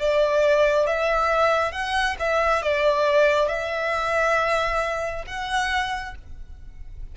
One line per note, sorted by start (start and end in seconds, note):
0.00 0.87 D5
0.87 1.72 E5
1.72 2.16 F#5
2.20 2.62 E5
2.62 3.49 D5
3.49 5.25 E5
5.27 6.15 F#5